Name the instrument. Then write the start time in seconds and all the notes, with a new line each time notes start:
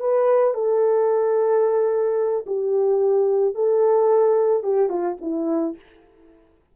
horn
0.00 B4
0.54 A4
2.46 G4
3.55 A4
4.63 G4
4.89 F4
5.21 E4